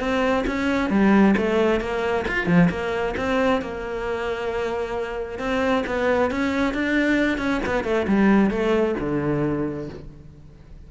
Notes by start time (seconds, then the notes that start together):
0.00 C4
0.47 C#4
0.90 G3
1.38 A3
1.81 A#3
2.28 F4
2.47 F3
2.70 A#3
3.17 C4
3.62 A#3
5.39 C4
5.87 B3
6.31 C#4
6.74 D4
7.38 C#4
7.66 B3
7.84 A3
8.08 G3
8.51 A3
9.00 D3